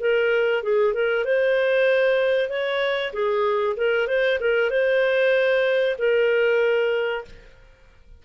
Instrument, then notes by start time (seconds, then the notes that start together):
clarinet
0.00 A#4
0.63 G#4
0.94 A#4
1.25 C5
2.49 C#5
3.13 G#4
3.77 A#4
4.08 C5
4.40 A#4
4.71 C5
5.98 A#4